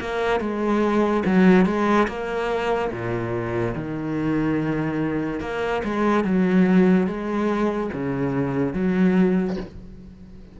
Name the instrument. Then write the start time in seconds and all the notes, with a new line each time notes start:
cello
0.00 A#3
0.40 G#3
1.25 F#3
1.66 G#3
2.08 A#3
2.91 A#2
3.75 D#3
5.40 A#3
5.84 G#3
6.24 F#3
7.07 G#3
7.93 C#3
8.73 F#3